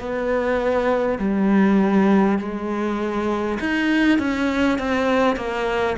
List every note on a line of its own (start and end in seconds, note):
0.00 1.18 B3
1.18 2.38 G3
2.39 3.59 G#3
3.60 4.18 D#4
4.18 4.78 C#4
4.79 5.36 C4
5.36 5.96 A#3